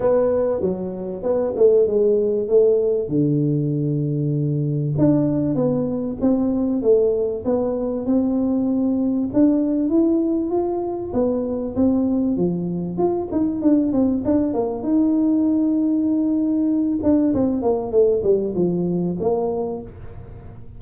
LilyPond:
\new Staff \with { instrumentName = "tuba" } { \time 4/4 \tempo 4 = 97 b4 fis4 b8 a8 gis4 | a4 d2. | d'4 b4 c'4 a4 | b4 c'2 d'4 |
e'4 f'4 b4 c'4 | f4 f'8 dis'8 d'8 c'8 d'8 ais8 | dis'2.~ dis'8 d'8 | c'8 ais8 a8 g8 f4 ais4 | }